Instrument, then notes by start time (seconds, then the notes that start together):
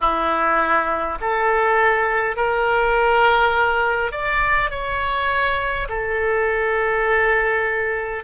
oboe
0.00 E4
1.20 A4
2.36 A#4
4.11 D5
4.70 C#5
5.88 A4